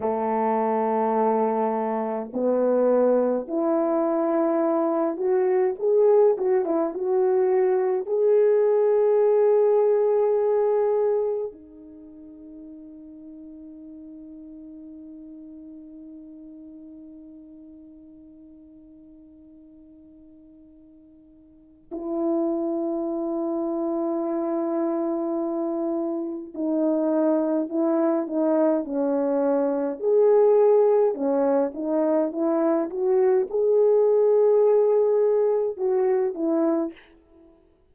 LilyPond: \new Staff \with { instrumentName = "horn" } { \time 4/4 \tempo 4 = 52 a2 b4 e'4~ | e'8 fis'8 gis'8 fis'16 e'16 fis'4 gis'4~ | gis'2 dis'2~ | dis'1~ |
dis'2. e'4~ | e'2. dis'4 | e'8 dis'8 cis'4 gis'4 cis'8 dis'8 | e'8 fis'8 gis'2 fis'8 e'8 | }